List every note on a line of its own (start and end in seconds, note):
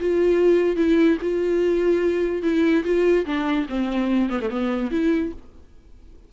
0.00 0.76 F4
0.76 1.17 E4
1.22 2.43 F4
2.43 2.84 E4
2.84 3.26 F4
3.26 3.67 D4
3.69 4.30 C4
4.30 4.40 B3
4.41 4.50 A3
4.50 4.91 B3
4.91 5.32 E4